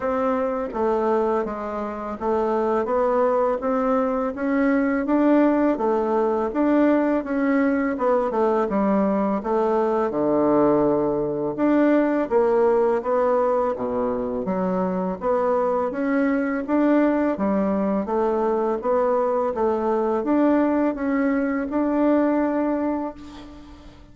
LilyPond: \new Staff \with { instrumentName = "bassoon" } { \time 4/4 \tempo 4 = 83 c'4 a4 gis4 a4 | b4 c'4 cis'4 d'4 | a4 d'4 cis'4 b8 a8 | g4 a4 d2 |
d'4 ais4 b4 b,4 | fis4 b4 cis'4 d'4 | g4 a4 b4 a4 | d'4 cis'4 d'2 | }